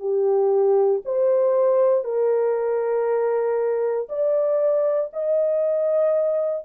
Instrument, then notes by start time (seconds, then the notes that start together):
horn
0.00 G4
1.05 C5
2.04 A#4
4.10 D5
5.13 D#5